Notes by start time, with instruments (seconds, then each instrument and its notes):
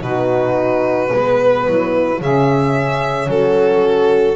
0.00 double bass B2, horn D#4, saxophone F#4, violin B4
1.10 double bass G#3, horn B3, saxophone B4
1.66 double bass F#3, saxophone E4
2.20 double bass C#3, horn C#4, saxophone G#4, violin E5
3.27 double bass F#3, saxophone F#4, violin A4